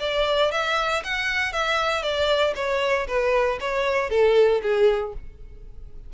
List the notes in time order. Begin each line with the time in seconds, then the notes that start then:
0.00 D5
0.52 E5
1.04 F#5
1.53 E5
2.03 D5
2.56 C#5
3.07 B4
3.60 C#5
4.10 A4
4.62 G#4